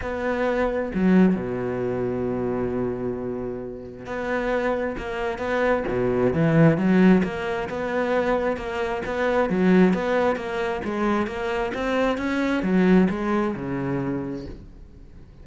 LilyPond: \new Staff \with { instrumentName = "cello" } { \time 4/4 \tempo 4 = 133 b2 fis4 b,4~ | b,1~ | b,4 b2 ais4 | b4 b,4 e4 fis4 |
ais4 b2 ais4 | b4 fis4 b4 ais4 | gis4 ais4 c'4 cis'4 | fis4 gis4 cis2 | }